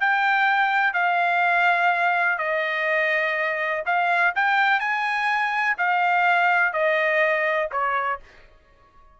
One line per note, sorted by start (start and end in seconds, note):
0.00 0.93 G5
0.93 2.38 F5
2.38 3.83 D#5
3.86 4.34 F5
4.35 4.80 G5
4.80 5.77 G#5
5.78 6.73 F5
6.73 7.70 D#5
7.72 8.20 C#5